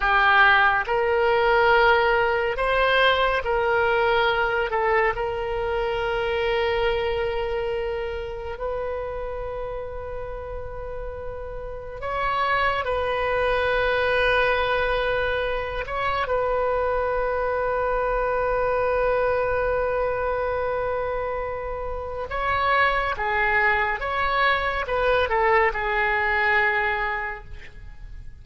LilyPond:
\new Staff \with { instrumentName = "oboe" } { \time 4/4 \tempo 4 = 70 g'4 ais'2 c''4 | ais'4. a'8 ais'2~ | ais'2 b'2~ | b'2 cis''4 b'4~ |
b'2~ b'8 cis''8 b'4~ | b'1~ | b'2 cis''4 gis'4 | cis''4 b'8 a'8 gis'2 | }